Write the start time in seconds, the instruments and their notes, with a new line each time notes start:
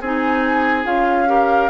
0.00 bassoon C4, clarinet D#4, oboe G#4, flute G#5
0.84 bassoon C#4, clarinet F4, flute F5
1.26 clarinet G4, oboe A#4